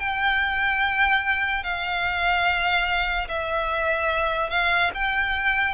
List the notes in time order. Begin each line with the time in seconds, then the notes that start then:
0.00 G5
1.64 F5
3.29 E5
4.50 F5
4.95 G5